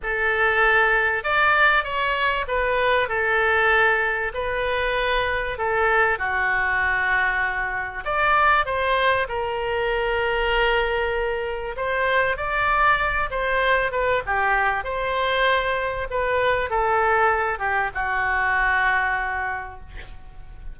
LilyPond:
\new Staff \with { instrumentName = "oboe" } { \time 4/4 \tempo 4 = 97 a'2 d''4 cis''4 | b'4 a'2 b'4~ | b'4 a'4 fis'2~ | fis'4 d''4 c''4 ais'4~ |
ais'2. c''4 | d''4. c''4 b'8 g'4 | c''2 b'4 a'4~ | a'8 g'8 fis'2. | }